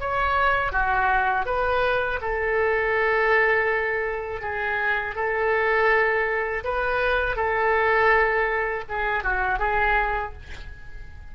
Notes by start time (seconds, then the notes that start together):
0.00 C#5
0.72 F#4
1.46 B4
2.22 A4
4.41 G#4
5.15 A4
6.64 B4
7.36 A4
8.89 G#4
9.24 F#4
9.59 G#4